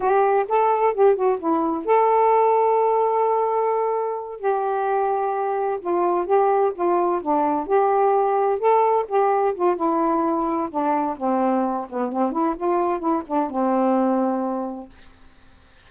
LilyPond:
\new Staff \with { instrumentName = "saxophone" } { \time 4/4 \tempo 4 = 129 g'4 a'4 g'8 fis'8 e'4 | a'1~ | a'4. g'2~ g'8~ | g'8 f'4 g'4 f'4 d'8~ |
d'8 g'2 a'4 g'8~ | g'8 f'8 e'2 d'4 | c'4. b8 c'8 e'8 f'4 | e'8 d'8 c'2. | }